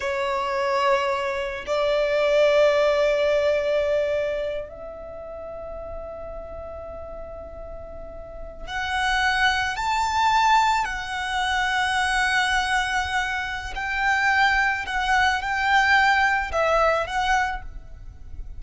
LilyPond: \new Staff \with { instrumentName = "violin" } { \time 4/4 \tempo 4 = 109 cis''2. d''4~ | d''1~ | d''8 e''2.~ e''8~ | e''2.~ e''8. fis''16~ |
fis''4.~ fis''16 a''2 fis''16~ | fis''1~ | fis''4 g''2 fis''4 | g''2 e''4 fis''4 | }